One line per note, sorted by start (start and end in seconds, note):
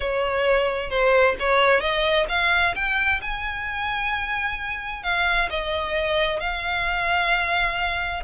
0.00 0.89 C#5
0.89 1.35 C5
1.39 1.80 C#5
1.80 2.26 D#5
2.28 2.74 F5
2.75 3.21 G5
3.21 5.03 G#5
5.03 5.49 F5
5.50 6.39 D#5
6.39 8.23 F5